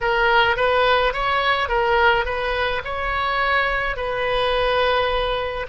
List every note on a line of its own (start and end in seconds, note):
0.00 0.56 A#4
0.56 1.13 B4
1.13 1.68 C#5
1.68 2.25 A#4
2.25 2.81 B4
2.84 3.96 C#5
3.96 5.66 B4